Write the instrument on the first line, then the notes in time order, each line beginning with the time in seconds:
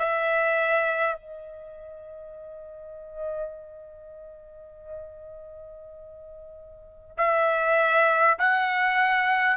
trumpet
0.00 E5
1.16 D#5
7.18 E5
8.39 F#5